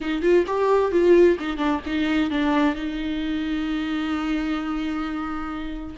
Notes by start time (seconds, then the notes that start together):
0.00 D#4
0.22 F4
0.47 G4
0.91 F4
1.39 D#4
1.57 D4
1.86 D#4
2.30 D4
2.75 D#4